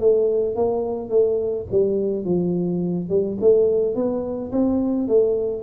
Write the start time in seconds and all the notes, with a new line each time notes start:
0.00 A3
0.56 A#3
1.10 A3
1.71 G3
2.25 F3
3.09 G3
3.41 A3
3.95 B3
4.52 C4
5.08 A3